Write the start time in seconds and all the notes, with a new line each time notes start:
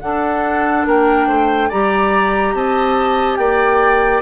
0.00 D4 A4 F#5
0.86 A#3 A#4 G5
1.27 A3 C5
1.69 G3 G4 D5 A#5
2.54 C4 D#5 A5
3.36 A#3 D5 G5